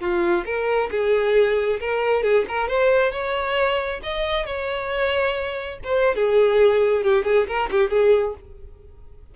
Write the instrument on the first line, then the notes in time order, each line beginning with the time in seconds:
violin
0.00 F4
0.45 A#4
0.91 G#4
1.80 A#4
2.23 G#4
2.48 A#4
2.68 C5
3.12 C#5
4.03 D#5
4.45 C#5
5.84 C5
6.16 G#4
7.03 G4
7.24 G#4
7.47 A#4
7.71 G4
7.90 G#4